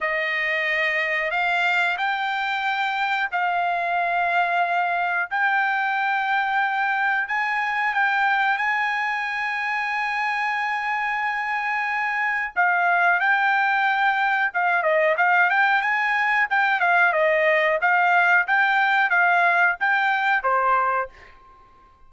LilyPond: \new Staff \with { instrumentName = "trumpet" } { \time 4/4 \tempo 4 = 91 dis''2 f''4 g''4~ | g''4 f''2. | g''2. gis''4 | g''4 gis''2.~ |
gis''2. f''4 | g''2 f''8 dis''8 f''8 g''8 | gis''4 g''8 f''8 dis''4 f''4 | g''4 f''4 g''4 c''4 | }